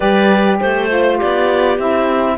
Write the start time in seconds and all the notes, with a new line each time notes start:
0.00 G3 G4 B4 D5
0.60 A3 C5
0.87 F4
1.16 G4 D5
1.23 B3
1.78 C4 E4 E5